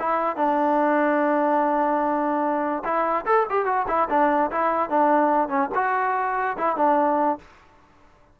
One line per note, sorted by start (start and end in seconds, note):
0.00 0.37 E4
0.37 2.83 D4
2.84 3.26 E4
3.26 3.47 A4
3.50 3.66 G4
3.66 3.86 F#4
3.88 4.09 E4
4.10 4.51 D4
4.51 4.90 E4
4.90 5.49 D4
5.49 5.69 C#4
5.75 6.57 F#4
6.58 6.77 E4
6.77 7.38 D4